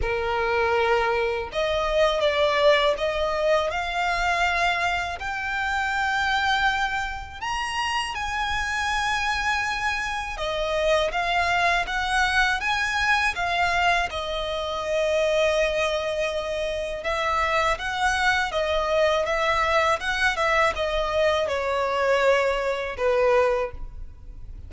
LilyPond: \new Staff \with { instrumentName = "violin" } { \time 4/4 \tempo 4 = 81 ais'2 dis''4 d''4 | dis''4 f''2 g''4~ | g''2 ais''4 gis''4~ | gis''2 dis''4 f''4 |
fis''4 gis''4 f''4 dis''4~ | dis''2. e''4 | fis''4 dis''4 e''4 fis''8 e''8 | dis''4 cis''2 b'4 | }